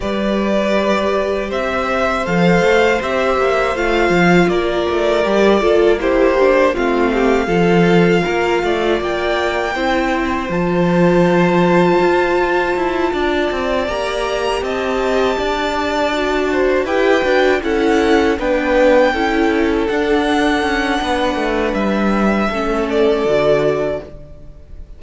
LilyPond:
<<
  \new Staff \with { instrumentName = "violin" } { \time 4/4 \tempo 4 = 80 d''2 e''4 f''4 | e''4 f''4 d''2 | c''4 f''2. | g''2 a''2~ |
a''2~ a''8 ais''4 a''8~ | a''2~ a''8 g''4 fis''8~ | fis''8 g''2 fis''4.~ | fis''4 e''4. d''4. | }
  \new Staff \with { instrumentName = "violin" } { \time 4/4 b'2 c''2~ | c''2 ais'4. a'8 | g'4 f'8 g'8 a'4 ais'8 d''8~ | d''4 c''2.~ |
c''4. d''2 dis''8~ | dis''8 d''4. c''8 b'4 a'8~ | a'8 b'4 a'2~ a'8 | b'2 a'2 | }
  \new Staff \with { instrumentName = "viola" } { \time 4/4 g'2. a'4 | g'4 f'2 g'8 f'8 | e'8 d'8 c'4 f'2~ | f'4 e'4 f'2~ |
f'2~ f'8 g'4.~ | g'4. fis'4 g'8 fis'8 e'8~ | e'8 d'4 e'4 d'4.~ | d'2 cis'4 fis'4 | }
  \new Staff \with { instrumentName = "cello" } { \time 4/4 g2 c'4 f8 a8 | c'8 ais8 a8 f8 ais8 a8 g8 ais8~ | ais4 a4 f4 ais8 a8 | ais4 c'4 f2 |
f'4 e'8 d'8 c'8 ais4 c'8~ | c'8 d'2 e'8 d'8 cis'8~ | cis'8 b4 cis'4 d'4 cis'8 | b8 a8 g4 a4 d4 | }
>>